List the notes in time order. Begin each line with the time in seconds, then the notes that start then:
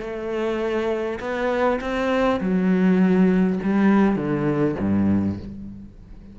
0.00 A3
1.20 B3
1.80 C4
2.40 F#3
3.63 G3
4.16 D3
4.79 G2